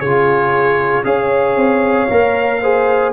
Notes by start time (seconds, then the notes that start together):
0.00 C#3 F4 G#4 C#5
1.04 C#4 G#4 C#5 F5
1.56 C4
2.10 A#3 A#4
2.61 G#4 C5